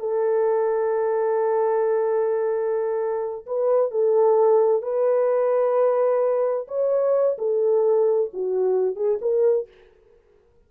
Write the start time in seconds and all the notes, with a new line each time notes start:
0.00 A4
3.47 B4
3.91 A4
4.83 B4
6.68 C#5
7.39 A4
8.33 F#4
8.96 G#4
9.22 A#4